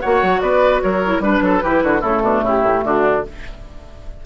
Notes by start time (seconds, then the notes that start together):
0.00 A#3 F#4 C#5 F#5
0.22 F#3
0.40 B3 B4 D5
0.81 F#3 A#4 C#5
1.05 E4
1.19 G3 D4 B4
1.41 F#3 A4
1.63 E3 E4 G4
1.83 D3 F#4
2.01 C#3 A3 E4 A4
2.22 B2 D4
2.42 C#3 E4 G4
2.62 A2
2.84 D3 D4 F#4